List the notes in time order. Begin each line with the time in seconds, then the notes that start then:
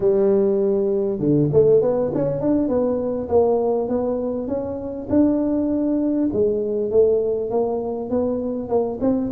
0.00 G3
1.19 D3
1.52 A3
1.81 B3
2.14 C#4
2.41 D4
2.68 B3
3.28 A#3
3.88 B3
4.47 C#4
5.09 D4
6.32 G#3
6.90 A3
7.50 A#3
8.09 B3
8.68 A#3
9.00 C4